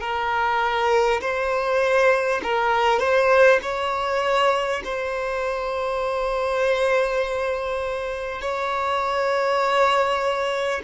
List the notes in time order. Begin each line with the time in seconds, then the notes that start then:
0.00 A#4
1.21 C5
2.43 A#4
2.99 C5
3.62 C#5
4.84 C5
8.41 C#5